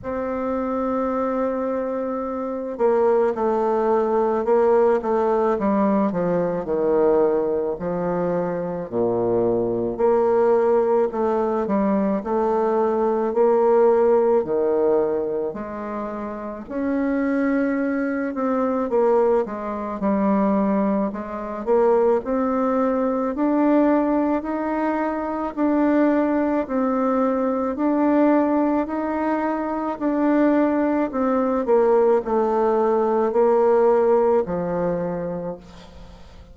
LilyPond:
\new Staff \with { instrumentName = "bassoon" } { \time 4/4 \tempo 4 = 54 c'2~ c'8 ais8 a4 | ais8 a8 g8 f8 dis4 f4 | ais,4 ais4 a8 g8 a4 | ais4 dis4 gis4 cis'4~ |
cis'8 c'8 ais8 gis8 g4 gis8 ais8 | c'4 d'4 dis'4 d'4 | c'4 d'4 dis'4 d'4 | c'8 ais8 a4 ais4 f4 | }